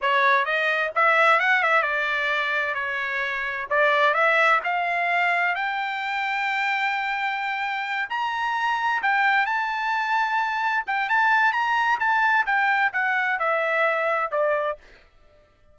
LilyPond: \new Staff \with { instrumentName = "trumpet" } { \time 4/4 \tempo 4 = 130 cis''4 dis''4 e''4 fis''8 e''8 | d''2 cis''2 | d''4 e''4 f''2 | g''1~ |
g''4. ais''2 g''8~ | g''8 a''2. g''8 | a''4 ais''4 a''4 g''4 | fis''4 e''2 d''4 | }